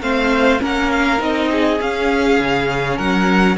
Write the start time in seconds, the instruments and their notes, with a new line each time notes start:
0.00 cello A3, viola C4, violin C5 F5
0.59 cello A#3, viola C#4, violin A#4 F#5
0.91 violin F5
1.18 cello C4, viola D#4, violin D#5
1.51 violin G#4
1.80 viola C#4, cello C#4, violin F5
2.40 cello C#3
2.97 cello F#3, violin A#4 F#5